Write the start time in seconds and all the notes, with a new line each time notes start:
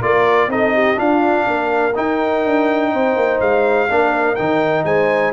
0.00 A#3 F4 A#4 D5
0.47 C4 D#4 A4 D#5
0.74 G4
0.95 D4 F4 F5
1.47 A#3 A#4
1.95 D#4 G5
2.46 D4
2.92 C4 C5
3.16 A#3
3.40 G#3 F5
3.89 A#3 D4 A#4
4.35 D#3 D#4 G5
4.84 G#3 C5 G#5